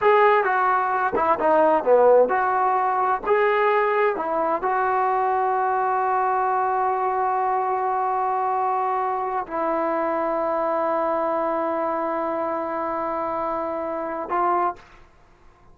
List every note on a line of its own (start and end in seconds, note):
0.01 0.44 G#4
0.44 1.13 F#4
1.15 1.38 E4
1.39 1.84 D#4
1.84 2.28 B3
2.28 3.21 F#4
3.26 4.15 G#4
4.15 4.62 E4
4.62 9.46 F#4
9.47 14.29 E4
14.29 14.75 F4